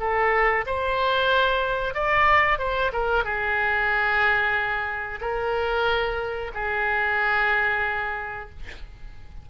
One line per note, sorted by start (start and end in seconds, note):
0.00 0.65 A4
0.66 1.94 C5
1.94 2.59 D5
2.59 2.92 C5
2.93 3.24 A#4
3.24 5.20 G#4
5.21 6.52 A#4
6.54 8.50 G#4